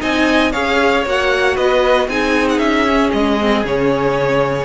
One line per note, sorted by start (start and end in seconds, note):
0.00 0.54 C4
0.00 0.52 D#4
0.00 0.52 D#5
0.00 0.52 G#5
0.52 1.05 C#4
0.52 1.05 G#4
0.52 1.55 C#5
0.52 1.04 F5
1.05 1.57 A#3
1.05 2.10 F#4
1.05 1.57 F#5
1.55 2.08 B3
1.55 2.07 B4
1.55 2.09 D#5
2.08 2.59 C4
2.08 2.87 D#4
2.08 4.65 G#4
2.08 2.48 G#5
2.49 2.58 F#5
2.58 3.11 C#4
2.58 3.10 E5
2.87 3.39 C#4
3.12 3.64 G#3
3.12 3.64 D#5
3.40 3.66 C4
3.64 4.65 C#3
3.64 4.65 C#4
3.64 4.65 C#5